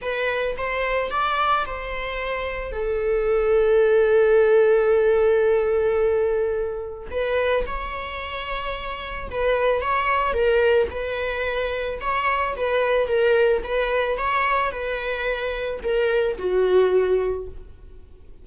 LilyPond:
\new Staff \with { instrumentName = "viola" } { \time 4/4 \tempo 4 = 110 b'4 c''4 d''4 c''4~ | c''4 a'2.~ | a'1~ | a'4 b'4 cis''2~ |
cis''4 b'4 cis''4 ais'4 | b'2 cis''4 b'4 | ais'4 b'4 cis''4 b'4~ | b'4 ais'4 fis'2 | }